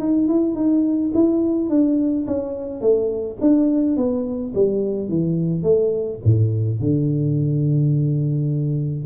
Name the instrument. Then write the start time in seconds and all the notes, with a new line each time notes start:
tuba
0.00 D#4
0.28 E4
0.55 D#4
1.14 E4
1.69 D4
2.27 C#4
2.80 A3
3.40 D4
3.96 B3
4.54 G3
5.08 E3
5.63 A3
6.24 A2
6.79 D3